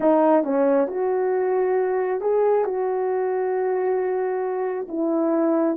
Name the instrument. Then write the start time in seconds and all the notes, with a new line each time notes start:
horn
0.00 D#4
0.43 C#4
0.87 F#4
2.20 G#4
2.64 F#4
4.88 E4